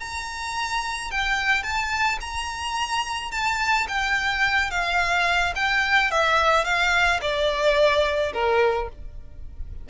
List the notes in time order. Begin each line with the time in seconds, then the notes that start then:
0.00 A#5
1.11 G5
1.63 A5
2.21 A#5
3.32 A5
3.88 G5
4.71 F5
5.56 G5
6.11 E5
6.65 F5
7.22 D5
8.33 A#4